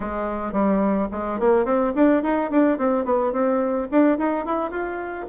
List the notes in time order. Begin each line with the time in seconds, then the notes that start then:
0.00 G#3
0.52 G3
1.11 G#3
1.39 A#3
1.65 C4
1.95 D4
2.22 D#4
2.51 D4
2.78 C4
3.04 B3
3.32 C4
3.91 D4
4.18 D#4
4.45 E4
4.70 F4